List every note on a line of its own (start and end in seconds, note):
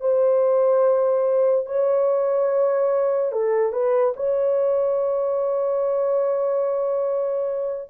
0.00 1.66 C5
1.66 3.32 C#5
3.32 3.72 A4
3.72 4.14 B4
4.16 7.89 C#5